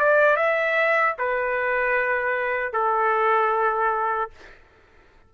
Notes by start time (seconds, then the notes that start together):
0.00 D5
0.37 E5
1.19 B4
2.73 A4